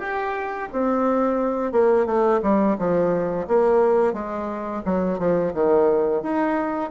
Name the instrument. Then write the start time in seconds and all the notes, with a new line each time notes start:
bassoon
0.00 G4
0.73 C4
1.72 A#3
2.07 A3
2.43 G3
2.79 F3
3.48 A#3
4.13 G#3
4.86 F#3
5.19 F3
5.54 D#3
6.23 D#4